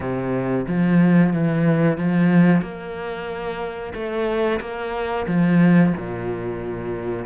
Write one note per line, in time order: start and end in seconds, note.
0.00 0.66 C3
0.67 1.33 F3
1.33 1.98 E3
1.98 2.61 F3
2.61 3.93 A#3
3.94 4.59 A3
4.60 5.26 A#3
5.27 5.93 F3
5.96 7.25 A#2